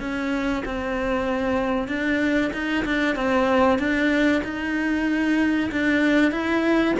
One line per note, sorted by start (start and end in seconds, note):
0.00 0.63 C#4
0.65 1.88 C4
1.88 2.51 D4
2.53 2.84 D#4
2.85 3.16 D4
3.16 3.79 C4
3.79 4.42 D4
4.44 5.70 D#4
5.71 6.32 D4
6.32 6.95 E4